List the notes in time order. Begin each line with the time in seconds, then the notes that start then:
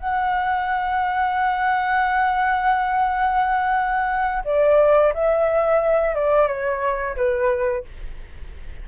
0.00 F#5
4.45 D5
5.14 E5
6.15 D5
6.48 C#5
7.17 B4